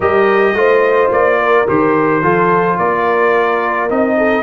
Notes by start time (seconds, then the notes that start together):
0.00 G3 G4 A#4 D#5
0.53 A3 F4 C5
1.11 A#3 D5
1.39 A#4
1.67 D#3 G4 C5
2.22 F3 F4 A4
2.77 A#3 A#4 D5
3.89 C4 D#4 D#5
4.17 A4